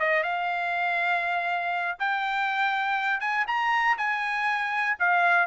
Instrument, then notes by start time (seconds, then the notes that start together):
trumpet
0.00 D#5
0.23 F5
2.00 G5
3.20 G#5
3.47 A#5
3.98 G#5
4.99 F5